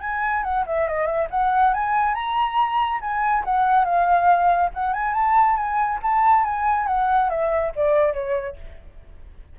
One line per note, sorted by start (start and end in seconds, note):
0.00 0.43 G#5
0.43 0.64 F#5
0.66 0.87 E5
0.87 1.06 D#5
1.06 1.27 E5
1.30 1.73 F#5
1.73 2.14 G#5
2.14 3.00 A#5
3.01 3.43 G#5
3.44 3.84 F#5
3.84 4.70 F5
4.74 4.93 F#5
4.93 5.13 G#5
5.13 5.56 A5
5.56 5.99 G#5
6.02 6.44 A5
6.44 6.86 G#5
6.86 7.29 F#5
7.29 7.72 E5
7.75 8.13 D5
8.13 8.56 C#5